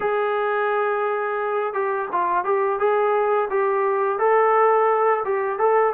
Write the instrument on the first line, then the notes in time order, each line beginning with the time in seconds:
trombone
0.00 G#4
1.73 G4
2.12 F4
2.44 G4
2.79 G#4
3.50 G4
4.19 A4
5.24 G4
5.58 A4